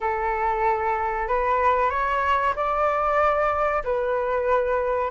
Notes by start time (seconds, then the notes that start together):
0.00 A4
1.28 B4
1.90 C#5
2.55 D5
3.84 B4